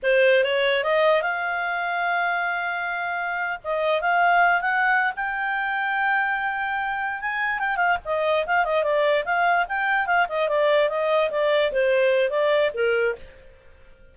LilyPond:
\new Staff \with { instrumentName = "clarinet" } { \time 4/4 \tempo 4 = 146 c''4 cis''4 dis''4 f''4~ | f''1~ | f''8. dis''4 f''4. fis''8.~ | fis''8 g''2.~ g''8~ |
g''4. gis''4 g''8 f''8 dis''8~ | dis''8 f''8 dis''8 d''4 f''4 g''8~ | g''8 f''8 dis''8 d''4 dis''4 d''8~ | d''8 c''4. d''4 ais'4 | }